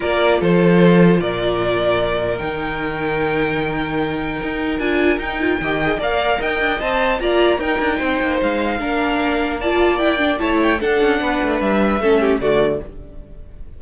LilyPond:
<<
  \new Staff \with { instrumentName = "violin" } { \time 4/4 \tempo 4 = 150 d''4 c''2 d''4~ | d''2 g''2~ | g''1 | gis''4 g''2 f''4 |
g''4 a''4 ais''4 g''4~ | g''4 f''2. | a''4 g''4 a''8 g''8 fis''4~ | fis''4 e''2 d''4 | }
  \new Staff \with { instrumentName = "violin" } { \time 4/4 ais'4 a'2 ais'4~ | ais'1~ | ais'1~ | ais'2 dis''4 d''4 |
dis''2 d''4 ais'4 | c''2 ais'2 | d''2 cis''4 a'4 | b'2 a'8 g'8 fis'4 | }
  \new Staff \with { instrumentName = "viola" } { \time 4/4 f'1~ | f'2 dis'2~ | dis'1 | f'4 dis'8 f'8 g'8 gis'8 ais'4~ |
ais'4 c''4 f'4 dis'4~ | dis'2 d'2 | f'4 e'8 d'8 e'4 d'4~ | d'2 cis'4 a4 | }
  \new Staff \with { instrumentName = "cello" } { \time 4/4 ais4 f2 ais,4~ | ais,2 dis2~ | dis2. dis'4 | d'4 dis'4 dis4 ais4 |
dis'8 d'8 c'4 ais4 dis'8 d'8 | c'8 ais8 gis4 ais2~ | ais2 a4 d'8 cis'8 | b8 a8 g4 a4 d4 | }
>>